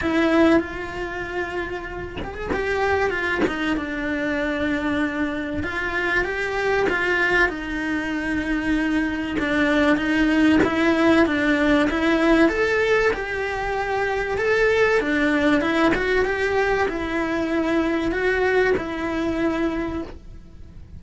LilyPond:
\new Staff \with { instrumentName = "cello" } { \time 4/4 \tempo 4 = 96 e'4 f'2~ f'8 g'16 gis'16 | g'4 f'8 dis'8 d'2~ | d'4 f'4 g'4 f'4 | dis'2. d'4 |
dis'4 e'4 d'4 e'4 | a'4 g'2 a'4 | d'4 e'8 fis'8 g'4 e'4~ | e'4 fis'4 e'2 | }